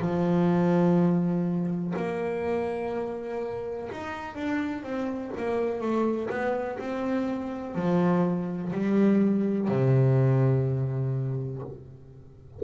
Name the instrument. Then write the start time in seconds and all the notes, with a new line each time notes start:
double bass
0.00 F3
1.96 A#3
3.91 D#4
4.35 D4
4.83 C4
5.37 A#3
5.81 A3
6.29 B3
6.78 C4
7.75 F3
8.72 G3
9.68 C3